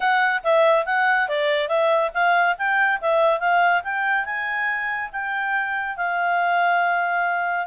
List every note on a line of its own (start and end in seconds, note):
0.00 0.43 F#5
0.43 0.85 E5
0.85 1.28 F#5
1.28 1.68 D5
1.68 2.10 E5
2.14 2.56 F5
2.57 3.00 G5
3.00 3.39 E5
3.39 3.82 F5
3.83 4.25 G5
4.25 5.10 G#5
5.12 5.96 G5
5.96 7.66 F5